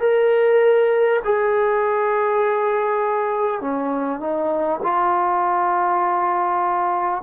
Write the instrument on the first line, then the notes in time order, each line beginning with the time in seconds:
trombone
0.00 A#4
1.24 G#4
3.61 C#4
4.20 D#4
4.83 F4